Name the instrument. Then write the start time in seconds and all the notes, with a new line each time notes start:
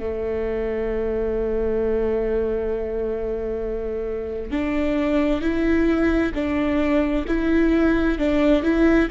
viola
0.00 A3
4.52 D4
5.41 E4
6.35 D4
7.28 E4
8.19 D4
8.63 E4